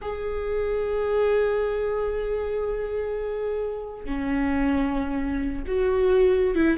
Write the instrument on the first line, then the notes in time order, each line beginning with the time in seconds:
viola
0.01 G#4
4.05 C#4
5.67 F#4
6.55 E4